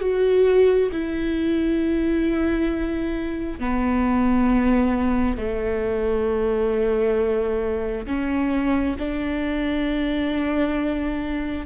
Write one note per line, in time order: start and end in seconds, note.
0.00 0.90 F#4
0.91 3.59 E4
3.59 5.37 B3
5.37 8.06 A3
8.06 8.96 C#4
8.98 11.66 D4